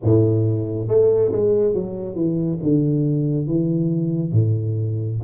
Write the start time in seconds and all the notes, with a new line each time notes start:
0.03 A2
0.88 A3
1.32 G#3
1.74 F#3
2.15 E3
2.62 D3
3.47 E3
4.32 A2